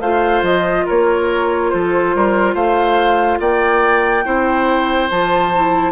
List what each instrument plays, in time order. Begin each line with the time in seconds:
0.00 bassoon A3, clarinet F4, oboe C5, flute F5
0.42 bassoon F3, flute D#5
0.86 bassoon A#3, oboe A#4, flute C#5
1.70 bassoon F3, oboe A4, flute C5
2.15 bassoon G3, oboe A#4
2.54 bassoon A3, oboe C5, flute F5
3.40 bassoon A#3, oboe D5, flute G5
4.25 bassoon C4, clarinet E4, oboe C5
5.10 bassoon F3, clarinet F4, flute A5
5.56 clarinet E4